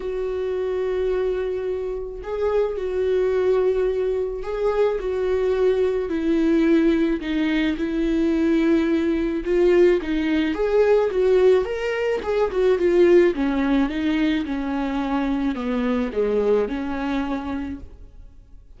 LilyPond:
\new Staff \with { instrumentName = "viola" } { \time 4/4 \tempo 4 = 108 fis'1 | gis'4 fis'2. | gis'4 fis'2 e'4~ | e'4 dis'4 e'2~ |
e'4 f'4 dis'4 gis'4 | fis'4 ais'4 gis'8 fis'8 f'4 | cis'4 dis'4 cis'2 | b4 gis4 cis'2 | }